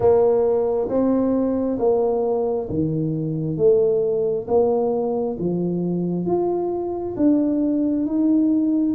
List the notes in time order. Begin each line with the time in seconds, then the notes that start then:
0.00 A#3
0.88 C4
1.79 A#3
2.69 D#3
3.57 A3
4.47 A#3
5.39 F3
6.25 F4
7.16 D4
8.06 D#4